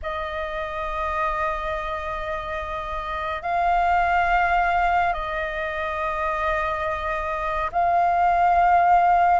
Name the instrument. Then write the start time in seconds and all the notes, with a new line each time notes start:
flute
0.02 D#5
3.42 F5
5.13 D#5
7.71 F5